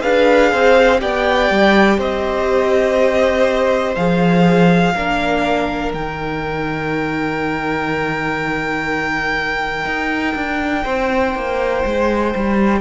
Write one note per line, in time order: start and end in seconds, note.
0.00 0.53 D4
0.00 0.98 G#4
0.00 0.51 B4
0.00 1.00 F5
0.51 1.02 C4
0.51 1.00 C5
0.99 1.50 B3
0.99 3.94 G4
0.99 1.98 D5
0.99 1.99 G5
1.50 1.98 G3
1.98 3.95 C4
1.98 4.93 C5
1.98 3.95 D#5
3.95 4.94 F3
3.95 4.95 G#4
3.95 5.91 F5
4.95 5.93 A#3
4.95 5.94 D4
4.95 10.83 A#4
5.93 9.85 D#3
5.93 12.81 D#4
5.93 12.81 G5
9.85 10.34 D#4
10.35 10.84 D4
10.83 11.35 C4
10.83 12.80 C5
11.35 11.84 A#3
11.85 12.34 G#3
12.35 12.81 G3